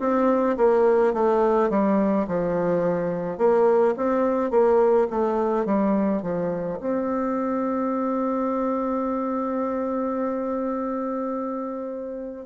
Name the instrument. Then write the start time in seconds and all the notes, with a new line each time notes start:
bassoon
0.00 C4
0.57 A#3
1.13 A3
1.70 G3
2.27 F3
3.38 A#3
3.96 C4
4.50 A#3
5.10 A3
5.66 G3
6.22 F3
6.80 C4